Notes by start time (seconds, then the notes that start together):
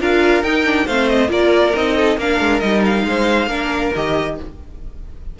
0.00 D4 F4 A#4 F5
0.43 D#4 G5
0.65 D4
0.86 A3 C4 C5 F5
1.08 D#5
1.28 A#3 F4 A#4 D5
1.74 C4 D#4 D#5
1.96 A4
2.17 A#3 D4 A#4 F5
2.39 G#3
2.60 G3 D#4 D#5
2.85 F5
3.04 G#3 C5
3.47 A#3 D4 A#4
3.95 D#3 G4 D#5